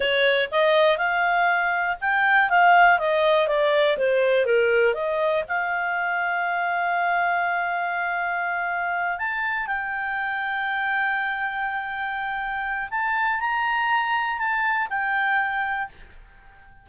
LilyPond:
\new Staff \with { instrumentName = "clarinet" } { \time 4/4 \tempo 4 = 121 cis''4 dis''4 f''2 | g''4 f''4 dis''4 d''4 | c''4 ais'4 dis''4 f''4~ | f''1~ |
f''2~ f''8 a''4 g''8~ | g''1~ | g''2 a''4 ais''4~ | ais''4 a''4 g''2 | }